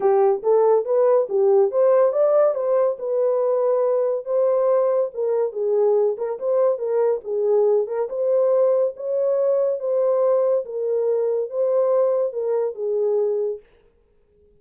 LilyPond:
\new Staff \with { instrumentName = "horn" } { \time 4/4 \tempo 4 = 141 g'4 a'4 b'4 g'4 | c''4 d''4 c''4 b'4~ | b'2 c''2 | ais'4 gis'4. ais'8 c''4 |
ais'4 gis'4. ais'8 c''4~ | c''4 cis''2 c''4~ | c''4 ais'2 c''4~ | c''4 ais'4 gis'2 | }